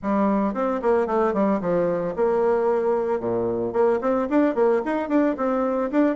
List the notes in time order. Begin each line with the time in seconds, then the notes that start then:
0.02 G3
0.54 C4
0.82 A#3
1.06 A3
1.33 G3
1.60 F3
2.16 A#3
3.20 A#2
3.73 A#3
4.01 C4
4.29 D4
4.54 A#3
4.85 D#4
5.09 D4
5.37 C4
5.91 D4